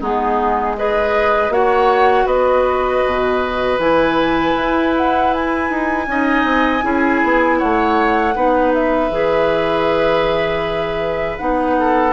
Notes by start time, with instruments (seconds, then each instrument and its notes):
0.00 bassoon G#3, clarinet B3, oboe D#4, flute G#4
0.77 clarinet G#4, oboe B4, flute D#5
1.49 bassoon A#3, clarinet F#4, oboe C#5, flute F#5
2.26 bassoon B3, oboe B4, flute D#5
3.05 bassoon B2
3.79 bassoon E3, clarinet E4, flute G#5
4.56 bassoon E4
4.97 flute F#5
5.34 flute G#5
5.70 bassoon D#4
6.07 bassoon C#4, clarinet D#4, oboe D#5
6.44 bassoon C4
6.82 bassoon C#4, clarinet E4, oboe G#4
7.24 bassoon B3
7.59 bassoon A3, oboe C#5, flute F#5
8.35 bassoon B3, clarinet D#4, oboe B4
8.74 flute E5
9.10 bassoon E3, clarinet G#4
11.38 bassoon B3, clarinet D#4, flute F#5
11.79 oboe A4